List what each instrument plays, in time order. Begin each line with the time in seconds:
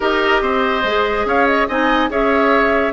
0.00 bassoon D#4, clarinet G4, oboe A#4, flute D#5
0.41 bassoon C4, oboe C5
0.83 bassoon G#3, clarinet G#4
1.25 bassoon C#4, oboe C#5, flute F5
1.46 flute D#5
1.68 bassoon C4, clarinet D#4, oboe D#5, flute G#5
2.09 bassoon C#4, clarinet G#4, oboe C#5, flute E5